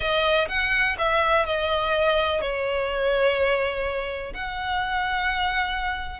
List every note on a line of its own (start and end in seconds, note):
0.00 0.47 D#5
0.48 0.96 F#5
0.98 1.45 E5
1.45 2.41 D#5
2.41 4.33 C#5
4.33 6.19 F#5